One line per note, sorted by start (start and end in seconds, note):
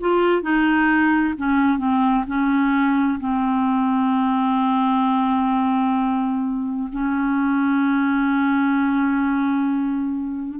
0.00 0.42 F4
0.42 1.34 D#4
1.37 1.78 C#4
1.78 2.24 C4
2.27 3.19 C#4
3.20 6.89 C4
6.92 10.59 C#4